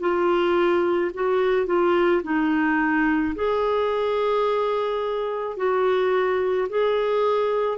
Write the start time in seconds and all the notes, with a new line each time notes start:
0.00 F4
1.14 F#4
1.67 F4
2.23 D#4
3.35 G#4
5.57 F#4
6.69 G#4